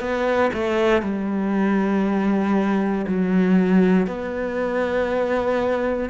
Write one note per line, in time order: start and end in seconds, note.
0.00 0.51 B3
0.53 1.02 A3
1.02 3.06 G3
3.07 4.07 F#3
4.07 6.10 B3